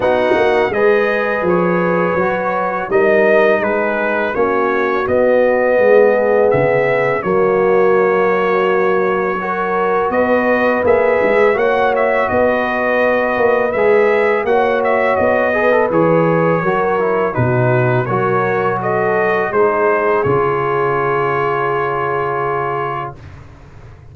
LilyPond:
<<
  \new Staff \with { instrumentName = "trumpet" } { \time 4/4 \tempo 4 = 83 fis''4 dis''4 cis''2 | dis''4 b'4 cis''4 dis''4~ | dis''4 e''4 cis''2~ | cis''2 dis''4 e''4 |
fis''8 e''8 dis''2 e''4 | fis''8 e''8 dis''4 cis''2 | b'4 cis''4 dis''4 c''4 | cis''1 | }
  \new Staff \with { instrumentName = "horn" } { \time 4/4 fis'4 b'2. | ais'4 gis'4 fis'2 | gis'2 fis'2~ | fis'4 ais'4 b'2 |
cis''4 b'2. | cis''4. b'4. ais'4 | fis'4 ais'4 a'4 gis'4~ | gis'1 | }
  \new Staff \with { instrumentName = "trombone" } { \time 4/4 dis'4 gis'2 fis'4 | dis'2 cis'4 b4~ | b2 ais2~ | ais4 fis'2 gis'4 |
fis'2. gis'4 | fis'4. gis'16 a'16 gis'4 fis'8 e'8 | dis'4 fis'2 dis'4 | f'1 | }
  \new Staff \with { instrumentName = "tuba" } { \time 4/4 b8 ais8 gis4 f4 fis4 | g4 gis4 ais4 b4 | gis4 cis4 fis2~ | fis2 b4 ais8 gis8 |
ais4 b4. ais8 gis4 | ais4 b4 e4 fis4 | b,4 fis2 gis4 | cis1 | }
>>